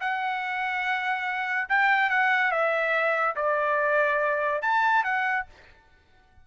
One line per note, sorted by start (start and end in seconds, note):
0.00 1.68 F#5
1.69 2.09 G5
2.09 2.51 F#5
2.51 3.35 E5
3.36 4.62 D5
4.62 5.03 A5
5.03 5.45 F#5